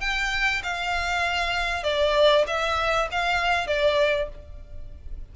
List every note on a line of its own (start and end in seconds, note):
0.00 0.62 G5
0.63 1.83 F5
1.83 2.45 D5
2.47 3.09 E5
3.12 3.67 F5
3.67 4.29 D5